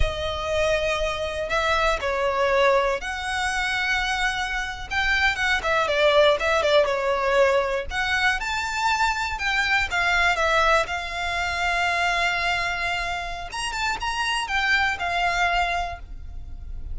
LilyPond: \new Staff \with { instrumentName = "violin" } { \time 4/4 \tempo 4 = 120 dis''2. e''4 | cis''2 fis''2~ | fis''4.~ fis''16 g''4 fis''8 e''8 d''16~ | d''8. e''8 d''8 cis''2 fis''16~ |
fis''8. a''2 g''4 f''16~ | f''8. e''4 f''2~ f''16~ | f''2. ais''8 a''8 | ais''4 g''4 f''2 | }